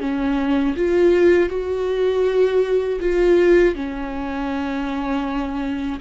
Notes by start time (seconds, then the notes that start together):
0.00 C#4
0.76 F4
1.50 F#4
3.00 F4
3.75 C#4